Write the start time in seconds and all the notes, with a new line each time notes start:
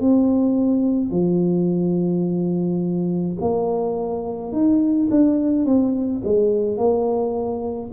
0.00 C4
1.10 F3
3.40 A#3
4.52 D#4
5.10 D4
5.65 C4
6.24 G#3
6.77 A#3